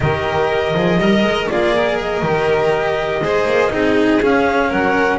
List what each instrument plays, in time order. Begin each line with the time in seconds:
0.00 double bass D#3, cello G4, violin A#4, clarinet D#5
0.74 double bass F3, cello G#4
0.98 double bass G3, cello A#4, violin D#5
1.22 double bass G#3
1.49 double bass A#3, violin F4, cello G#4, clarinet D5
1.76 violin A#4
2.01 clarinet D#5
2.21 double bass D#3, cello G4
3.21 double bass G#3, cello G#4, violin C5
3.45 double bass A#3
3.70 double bass C4, cello D#4, violin G#4
4.21 cello C#4, double bass C#4, clarinet F5
4.69 double bass F#3, violin A#4, clarinet F#5